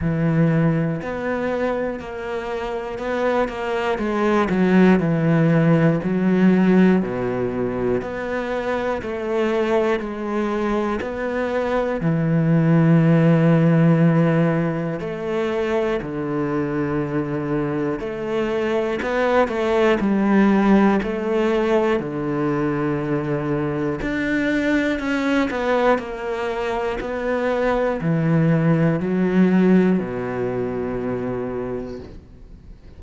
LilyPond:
\new Staff \with { instrumentName = "cello" } { \time 4/4 \tempo 4 = 60 e4 b4 ais4 b8 ais8 | gis8 fis8 e4 fis4 b,4 | b4 a4 gis4 b4 | e2. a4 |
d2 a4 b8 a8 | g4 a4 d2 | d'4 cis'8 b8 ais4 b4 | e4 fis4 b,2 | }